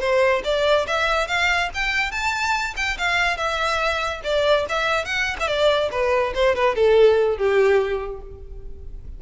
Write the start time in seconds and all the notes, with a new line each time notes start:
0.00 C5
0.44 D5
0.87 E5
1.27 F5
1.74 G5
2.11 A5
2.76 G5
2.98 F5
3.37 E5
4.24 D5
4.69 E5
5.05 F#5
5.39 E5
5.47 D5
5.91 B4
6.35 C5
6.55 B4
6.75 A4
7.37 G4